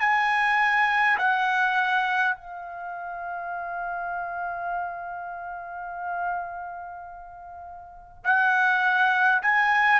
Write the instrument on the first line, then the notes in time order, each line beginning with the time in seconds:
trumpet
0.00 G#5
1.18 F#5
2.35 F5
8.24 F#5
9.42 G#5